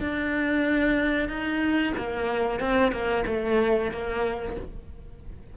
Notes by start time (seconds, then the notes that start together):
0.00 D4
1.29 D#4
1.97 A#3
2.60 C4
2.92 A#3
3.26 A3
3.91 A#3